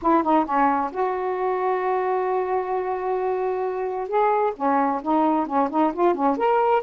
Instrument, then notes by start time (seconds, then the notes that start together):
saxophone
0.02 E4
0.23 D#4
0.45 C#4
0.91 F#4
4.07 G#4
4.56 C#4
5.02 D#4
5.46 C#4
5.70 D#4
5.93 F4
6.14 C#4
6.37 A#4